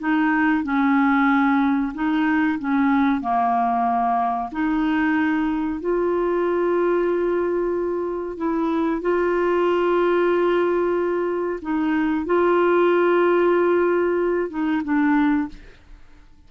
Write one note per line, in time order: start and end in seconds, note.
0.00 0.64 D#4
0.64 1.93 C#4
1.94 2.59 D#4
2.60 3.21 C#4
3.21 4.50 A#3
4.52 5.81 D#4
5.81 8.37 F4
8.37 9.02 E4
9.02 11.60 F4
11.62 12.26 D#4
12.26 14.50 F4
14.50 14.83 D#4
14.84 15.49 D4